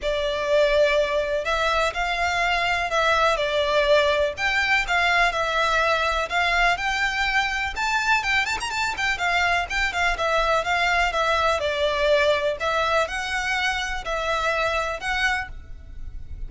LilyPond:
\new Staff \with { instrumentName = "violin" } { \time 4/4 \tempo 4 = 124 d''2. e''4 | f''2 e''4 d''4~ | d''4 g''4 f''4 e''4~ | e''4 f''4 g''2 |
a''4 g''8 a''16 ais''16 a''8 g''8 f''4 | g''8 f''8 e''4 f''4 e''4 | d''2 e''4 fis''4~ | fis''4 e''2 fis''4 | }